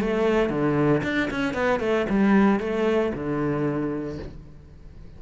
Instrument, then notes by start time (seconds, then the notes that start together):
cello
0.00 A3
0.49 D3
1.03 D4
1.30 C#4
1.54 B3
1.80 A3
2.09 G3
2.60 A3
3.13 D3